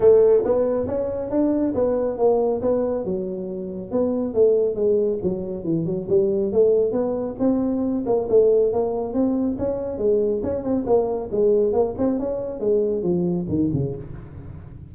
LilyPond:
\new Staff \with { instrumentName = "tuba" } { \time 4/4 \tempo 4 = 138 a4 b4 cis'4 d'4 | b4 ais4 b4 fis4~ | fis4 b4 a4 gis4 | fis4 e8 fis8 g4 a4 |
b4 c'4. ais8 a4 | ais4 c'4 cis'4 gis4 | cis'8 c'8 ais4 gis4 ais8 c'8 | cis'4 gis4 f4 dis8 cis8 | }